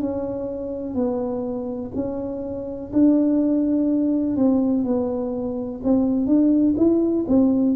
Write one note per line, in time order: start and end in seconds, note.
0.00 0.94 C#4
0.94 1.91 B3
1.94 2.91 C#4
2.93 4.36 D4
4.36 4.84 C4
4.84 5.81 B3
5.83 6.26 C4
6.26 6.75 D4
6.77 7.25 E4
7.28 7.76 C4